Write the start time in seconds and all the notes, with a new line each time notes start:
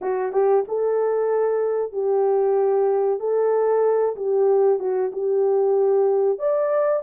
0.01 F#4
0.32 G4
0.68 A4
1.92 G4
3.19 A4
4.16 G4
4.79 F#4
5.12 G4
6.38 D5